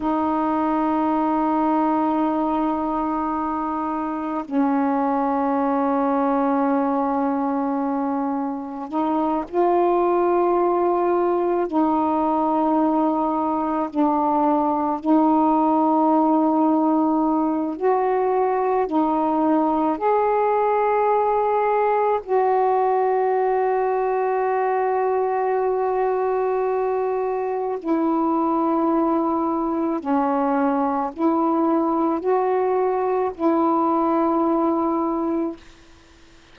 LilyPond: \new Staff \with { instrumentName = "saxophone" } { \time 4/4 \tempo 4 = 54 dis'1 | cis'1 | dis'8 f'2 dis'4.~ | dis'8 d'4 dis'2~ dis'8 |
fis'4 dis'4 gis'2 | fis'1~ | fis'4 e'2 cis'4 | e'4 fis'4 e'2 | }